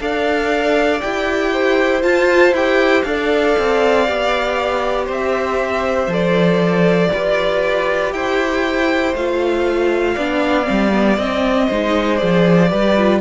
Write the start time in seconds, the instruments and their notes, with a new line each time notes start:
0.00 cello D4, viola A4, violin D5 F5
1.01 cello E4, viola G4, violin G5
1.54 violin C5
2.03 viola F4, cello F4, violin A5
2.52 cello E4, viola G4, violin G5
3.04 cello D4, viola A4, violin D5 F5
3.59 cello C4
4.06 cello B3, viola G4
5.06 cello C4, violin C5
5.12 violin E5
6.08 cello F3, viola A4
6.14 violin D5
7.13 cello F4, viola G4, violin B4
8.13 cello E4, violin C5 G5
9.14 cello A3, viola F4, violin F5
10.15 cello B3, viola D4, violin D5
10.64 cello G3, viola C4
10.93 viola B3
11.18 cello C4, viola C4, violin D#5
11.68 cello G#3, viola D#4, violin C5
12.18 cello F3, viola G#4, violin D5
12.70 cello G3, viola G4, violin B4
12.98 viola F4